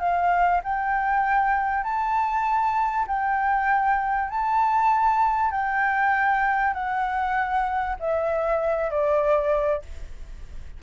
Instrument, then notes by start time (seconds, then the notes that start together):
flute
0.00 F5
0.64 G5
1.84 A5
3.08 G5
4.30 A5
5.52 G5
6.74 F#5
8.00 E5
8.91 D5